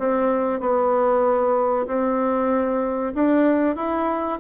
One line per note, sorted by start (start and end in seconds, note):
0.00 0.61 C4
0.61 1.87 B3
1.87 3.14 C4
3.15 3.76 D4
3.76 4.40 E4